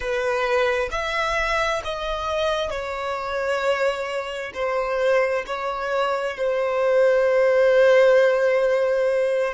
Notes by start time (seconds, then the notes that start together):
0.00 B4
0.91 E5
1.84 D#5
2.70 C#5
4.54 C5
5.46 C#5
6.37 C5